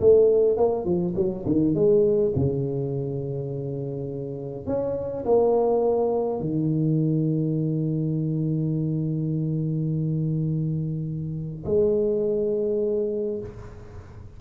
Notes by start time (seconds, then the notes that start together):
0.00 A3
0.57 A#3
0.85 F3
1.16 F#3
1.45 D#3
1.74 G#3
2.35 C#3
4.66 C#4
5.25 A#3
6.40 D#3
11.65 G#3